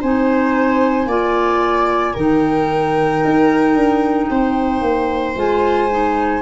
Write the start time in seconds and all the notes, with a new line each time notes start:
0.00 C4 D#4 C5 G#5
1.06 A#3 F4 D5
2.13 D#3 D#4 A#4 G5
3.24 D#4
3.74 D4
4.30 C4 C5
4.81 A#3
5.35 G#3 F4 G#5
5.90 D#4